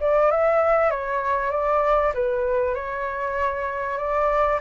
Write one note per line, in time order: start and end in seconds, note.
0.00 0.31 D5
0.31 0.90 E5
0.90 1.50 C#5
1.50 2.12 D5
2.14 2.74 B4
2.74 3.97 C#5
3.97 4.59 D5